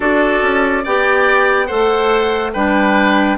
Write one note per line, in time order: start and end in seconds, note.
0.00 0.40 D4
0.00 0.83 F#4
0.00 0.83 A4
0.00 0.85 D5
0.42 0.84 C#4
0.83 1.70 B3
0.83 1.68 G4
0.83 1.67 D5
0.83 1.66 G5
1.66 2.55 A3
1.66 2.52 A4
1.66 2.51 C5
1.66 2.50 F#5
2.53 3.37 G3
2.53 3.37 D4
2.53 3.37 B4
2.53 3.37 G5